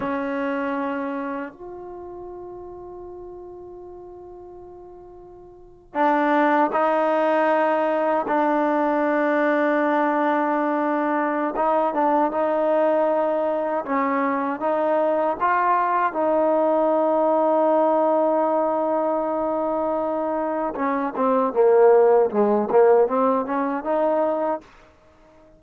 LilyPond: \new Staff \with { instrumentName = "trombone" } { \time 4/4 \tempo 4 = 78 cis'2 f'2~ | f'2.~ f'8. d'16~ | d'8. dis'2 d'4~ d'16~ | d'2. dis'8 d'8 |
dis'2 cis'4 dis'4 | f'4 dis'2.~ | dis'2. cis'8 c'8 | ais4 gis8 ais8 c'8 cis'8 dis'4 | }